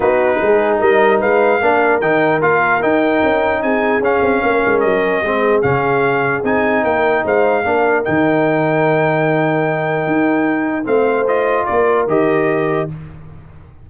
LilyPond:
<<
  \new Staff \with { instrumentName = "trumpet" } { \time 4/4 \tempo 4 = 149 b'2 dis''4 f''4~ | f''4 g''4 f''4 g''4~ | g''4 gis''4 f''2 | dis''2 f''2 |
gis''4 g''4 f''2 | g''1~ | g''2. f''4 | dis''4 d''4 dis''2 | }
  \new Staff \with { instrumentName = "horn" } { \time 4/4 fis'4 gis'4 ais'4 b'4 | ais'1~ | ais'4 gis'2 ais'4~ | ais'4 gis'2.~ |
gis'4 ais'4 c''4 ais'4~ | ais'1~ | ais'2. c''4~ | c''4 ais'2. | }
  \new Staff \with { instrumentName = "trombone" } { \time 4/4 dis'1 | d'4 dis'4 f'4 dis'4~ | dis'2 cis'2~ | cis'4 c'4 cis'2 |
dis'2. d'4 | dis'1~ | dis'2. c'4 | f'2 g'2 | }
  \new Staff \with { instrumentName = "tuba" } { \time 4/4 b4 gis4 g4 gis4 | ais4 dis4 ais4 dis'4 | cis'4 c'4 cis'8 c'8 ais8 gis8 | fis4 gis4 cis2 |
c'4 ais4 gis4 ais4 | dis1~ | dis4 dis'2 a4~ | a4 ais4 dis2 | }
>>